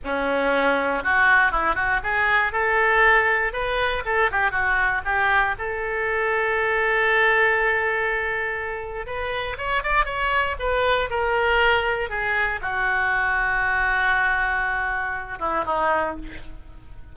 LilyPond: \new Staff \with { instrumentName = "oboe" } { \time 4/4 \tempo 4 = 119 cis'2 fis'4 e'8 fis'8 | gis'4 a'2 b'4 | a'8 g'8 fis'4 g'4 a'4~ | a'1~ |
a'2 b'4 cis''8 d''8 | cis''4 b'4 ais'2 | gis'4 fis'2.~ | fis'2~ fis'8 e'8 dis'4 | }